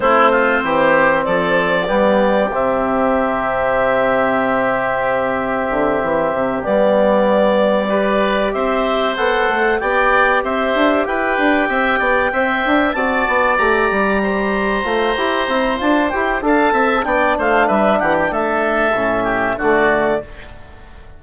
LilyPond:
<<
  \new Staff \with { instrumentName = "clarinet" } { \time 4/4 \tempo 4 = 95 c''2 d''2 | e''1~ | e''2~ e''8 d''4.~ | d''4. e''4 fis''4 g''8~ |
g''8 e''4 g''2~ g''8~ | g''8 a''4 ais''2~ ais''8~ | ais''4 a''8 g''8 a''4 g''8 f''8 | e''8 fis''16 g''16 e''2 d''4 | }
  \new Staff \with { instrumentName = "oboe" } { \time 4/4 e'8 f'8 g'4 a'4 g'4~ | g'1~ | g'1~ | g'8 b'4 c''2 d''8~ |
d''8 c''4 b'4 e''8 d''8 e''8~ | e''8 d''2 c''4.~ | c''2 f''8 e''8 d''8 c''8 | b'8 g'8 a'4. g'8 fis'4 | }
  \new Staff \with { instrumentName = "trombone" } { \time 4/4 c'2. b4 | c'1~ | c'2~ c'8 b4.~ | b8 g'2 a'4 g'8~ |
g'2.~ g'8 c''8~ | c''8 fis'4 g'2 f'8 | g'8 e'8 f'8 g'8 a'4 d'4~ | d'2 cis'4 a4 | }
  \new Staff \with { instrumentName = "bassoon" } { \time 4/4 a4 e4 f4 g4 | c1~ | c4 d8 e8 c8 g4.~ | g4. c'4 b8 a8 b8~ |
b8 c'8 d'8 e'8 d'8 c'8 b8 c'8 | d'8 c'8 b8 a8 g4. a8 | e'8 c'8 d'8 e'8 d'8 c'8 b8 a8 | g8 e8 a4 a,4 d4 | }
>>